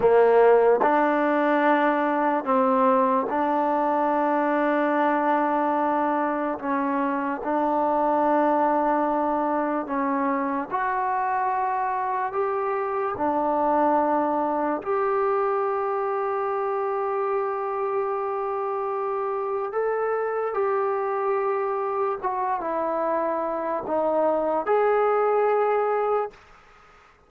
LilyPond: \new Staff \with { instrumentName = "trombone" } { \time 4/4 \tempo 4 = 73 ais4 d'2 c'4 | d'1 | cis'4 d'2. | cis'4 fis'2 g'4 |
d'2 g'2~ | g'1 | a'4 g'2 fis'8 e'8~ | e'4 dis'4 gis'2 | }